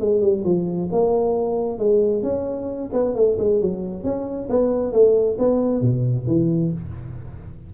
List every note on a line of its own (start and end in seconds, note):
0.00 0.21 G#3
0.21 0.43 G3
0.44 0.89 F3
0.91 1.78 A#3
1.78 2.23 G#3
2.23 2.90 C#4
2.92 3.15 B3
3.15 3.37 A3
3.39 3.61 G#3
3.61 4.04 F#3
4.04 4.48 C#4
4.49 4.92 B3
4.92 5.37 A3
5.38 5.81 B3
5.81 6.26 B2
6.27 6.72 E3